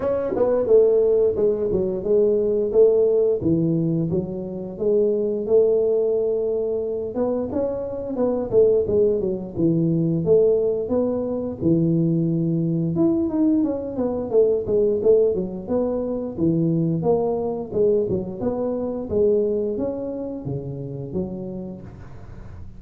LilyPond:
\new Staff \with { instrumentName = "tuba" } { \time 4/4 \tempo 4 = 88 cis'8 b8 a4 gis8 fis8 gis4 | a4 e4 fis4 gis4 | a2~ a8 b8 cis'4 | b8 a8 gis8 fis8 e4 a4 |
b4 e2 e'8 dis'8 | cis'8 b8 a8 gis8 a8 fis8 b4 | e4 ais4 gis8 fis8 b4 | gis4 cis'4 cis4 fis4 | }